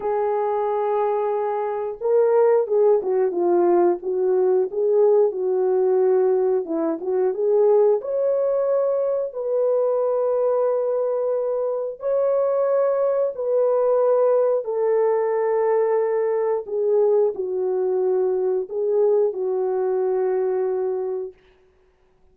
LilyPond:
\new Staff \with { instrumentName = "horn" } { \time 4/4 \tempo 4 = 90 gis'2. ais'4 | gis'8 fis'8 f'4 fis'4 gis'4 | fis'2 e'8 fis'8 gis'4 | cis''2 b'2~ |
b'2 cis''2 | b'2 a'2~ | a'4 gis'4 fis'2 | gis'4 fis'2. | }